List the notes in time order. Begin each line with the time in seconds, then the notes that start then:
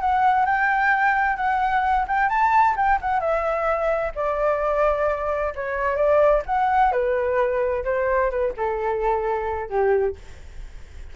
0.00 F#5
0.46 G5
1.36 F#5
2.07 G5
2.29 A5
2.76 G5
3.01 F#5
3.20 E5
4.15 D5
5.55 C#5
5.96 D5
6.46 F#5
6.92 B4
7.84 C5
8.30 B4
8.57 A4
9.69 G4